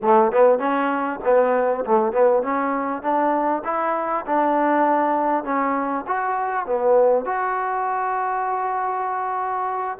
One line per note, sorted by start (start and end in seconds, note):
0.02 0.32 A3
0.32 0.59 B3
0.59 1.19 C#4
1.24 1.85 B3
1.85 2.12 A3
2.12 2.42 B3
2.42 3.02 C#4
3.02 3.63 D4
3.64 4.25 E4
4.26 5.44 D4
5.44 6.04 C#4
6.07 6.66 F#4
6.66 7.25 B3
7.25 9.98 F#4